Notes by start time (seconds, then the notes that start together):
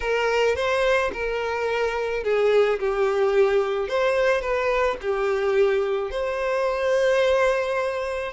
0.00 A#4
0.55 C5
1.13 A#4
2.23 G#4
2.79 G4
3.88 C5
4.41 B4
5.01 G4
6.10 C5